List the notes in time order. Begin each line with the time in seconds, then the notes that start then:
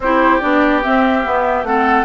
0.00 C4 E4 G4 C5
0.39 B3 D4 D5
0.82 C4 E5
1.23 B3
1.63 A3 C4 A4 F#5